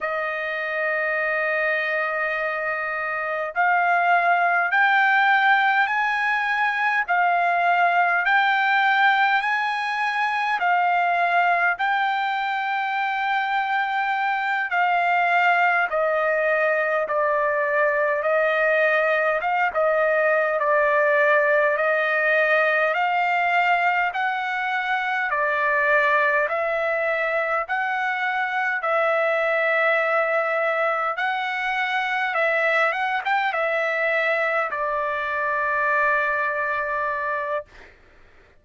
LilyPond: \new Staff \with { instrumentName = "trumpet" } { \time 4/4 \tempo 4 = 51 dis''2. f''4 | g''4 gis''4 f''4 g''4 | gis''4 f''4 g''2~ | g''8 f''4 dis''4 d''4 dis''8~ |
dis''8 f''16 dis''8. d''4 dis''4 f''8~ | f''8 fis''4 d''4 e''4 fis''8~ | fis''8 e''2 fis''4 e''8 | fis''16 g''16 e''4 d''2~ d''8 | }